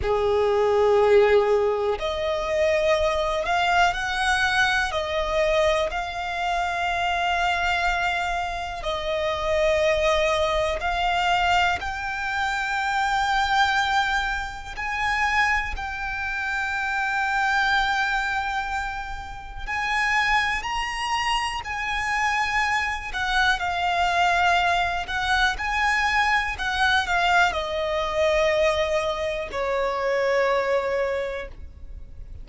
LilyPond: \new Staff \with { instrumentName = "violin" } { \time 4/4 \tempo 4 = 61 gis'2 dis''4. f''8 | fis''4 dis''4 f''2~ | f''4 dis''2 f''4 | g''2. gis''4 |
g''1 | gis''4 ais''4 gis''4. fis''8 | f''4. fis''8 gis''4 fis''8 f''8 | dis''2 cis''2 | }